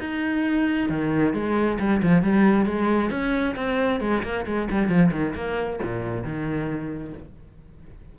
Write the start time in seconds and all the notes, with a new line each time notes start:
0.00 D#4
0.90 D#3
1.34 G#3
1.80 G3
2.03 F3
2.23 G3
2.66 G#3
3.11 C#4
3.56 C4
4.01 G#3
4.24 A#3
4.46 G#3
4.71 G3
4.89 F3
5.12 D#3
5.35 A#3
5.83 A#2
6.24 D#3